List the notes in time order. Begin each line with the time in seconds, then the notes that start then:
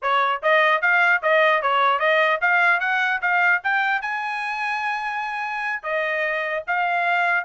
0.01 C#5
0.42 D#5
0.81 F5
1.22 D#5
1.62 C#5
1.99 D#5
2.41 F5
2.80 F#5
3.21 F5
3.63 G5
4.01 G#5
5.83 D#5
6.67 F5